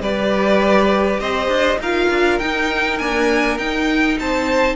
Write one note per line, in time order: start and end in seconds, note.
0.00 1.19 G3
0.00 1.83 G4
0.00 1.20 B4
0.00 1.20 D5
1.19 1.48 C4
1.19 1.79 C5
1.19 1.79 D#5
1.48 1.77 D4
1.79 2.09 D#4
1.79 2.41 F4
1.79 4.18 A#4
1.79 2.39 F5
2.09 2.39 D4
2.39 3.00 D#4
2.39 2.98 G5
2.98 3.59 A#3
2.98 3.58 D4
2.98 3.57 G#5
3.58 4.17 D#4
3.58 4.75 D#4
3.58 4.18 G5
4.19 4.75 C4
4.19 4.75 C5
4.19 4.75 A5